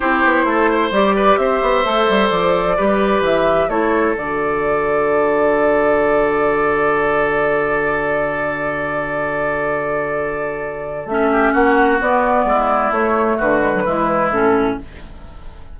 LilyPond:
<<
  \new Staff \with { instrumentName = "flute" } { \time 4/4 \tempo 4 = 130 c''2 d''4 e''4~ | e''4 d''2 e''4 | cis''4 d''2.~ | d''1~ |
d''1~ | d''1 | e''4 fis''4 d''2 | cis''4 b'2 a'4 | }
  \new Staff \with { instrumentName = "oboe" } { \time 4/4 g'4 a'8 c''4 b'8 c''4~ | c''2 b'2 | a'1~ | a'1~ |
a'1~ | a'1~ | a'8 g'8 fis'2 e'4~ | e'4 fis'4 e'2 | }
  \new Staff \with { instrumentName = "clarinet" } { \time 4/4 e'2 g'2 | a'2 g'2 | e'4 fis'2.~ | fis'1~ |
fis'1~ | fis'1 | cis'2 b2 | a4. gis16 fis16 gis4 cis'4 | }
  \new Staff \with { instrumentName = "bassoon" } { \time 4/4 c'8 b8 a4 g4 c'8 b8 | a8 g8 f4 g4 e4 | a4 d2.~ | d1~ |
d1~ | d1 | a4 ais4 b4 gis4 | a4 d4 e4 a,4 | }
>>